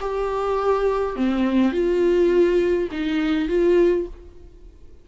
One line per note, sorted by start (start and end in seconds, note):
0.00 1.15 G4
1.15 1.72 C4
1.72 2.88 F4
2.91 3.48 D#4
3.48 4.06 F4